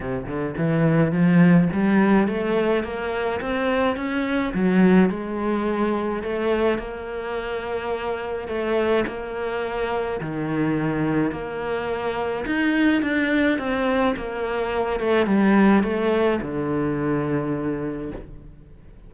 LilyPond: \new Staff \with { instrumentName = "cello" } { \time 4/4 \tempo 4 = 106 c8 d8 e4 f4 g4 | a4 ais4 c'4 cis'4 | fis4 gis2 a4 | ais2. a4 |
ais2 dis2 | ais2 dis'4 d'4 | c'4 ais4. a8 g4 | a4 d2. | }